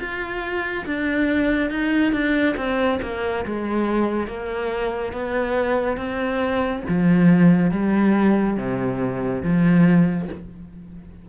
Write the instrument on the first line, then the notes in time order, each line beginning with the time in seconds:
cello
0.00 F4
0.86 D4
1.71 D#4
2.13 D4
2.57 C4
3.02 A#3
3.46 G#3
4.27 A#3
5.13 B3
5.98 C4
6.89 F3
7.71 G3
8.58 C3
9.43 F3